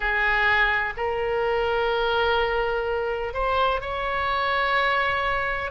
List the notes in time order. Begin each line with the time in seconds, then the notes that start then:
0.00 G#4
0.96 A#4
3.33 C5
3.81 C#5